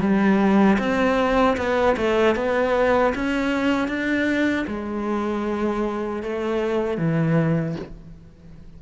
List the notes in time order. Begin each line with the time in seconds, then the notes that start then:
0.00 G3
0.79 C4
1.57 B3
1.97 A3
2.36 B3
3.15 C#4
3.88 D4
4.67 G#3
6.23 A3
6.98 E3